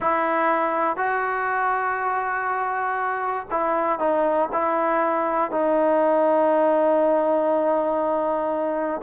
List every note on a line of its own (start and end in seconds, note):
0.00 0.96 E4
0.96 3.46 F#4
3.50 3.99 E4
3.99 4.49 D#4
4.52 5.51 E4
5.51 9.01 D#4